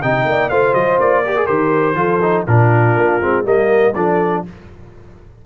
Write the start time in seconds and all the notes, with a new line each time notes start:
0.00 C3 D#4 D#5 G5
0.25 A#3 D5
0.50 A3 F4 C5 F5
0.74 F#3 D#5
1.00 A#3 D5
1.25 G4 A#4
1.37 G#4
1.47 D#3 G4 C5
1.95 F3 F4 A4
2.23 D#4
2.47 A#2 D4 F4 A#4
2.97 A#3
3.22 G#3 C4
3.45 G3 A#3 A#4 D#5
3.95 F3 D4 A4 D5